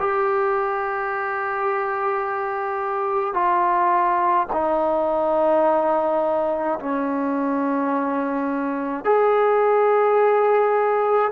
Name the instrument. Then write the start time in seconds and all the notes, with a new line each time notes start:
trombone
0.00 G4
3.34 F4
4.53 D#4
6.80 C#4
9.05 G#4